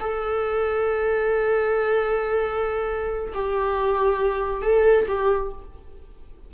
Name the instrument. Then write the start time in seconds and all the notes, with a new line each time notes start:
viola
0.00 A4
3.34 G4
4.62 A4
5.08 G4